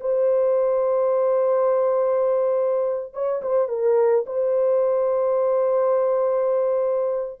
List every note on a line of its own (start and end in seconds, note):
0.00 3.13 C5
3.13 3.42 C#5
3.42 3.68 C5
3.68 4.25 A#4
4.26 7.40 C5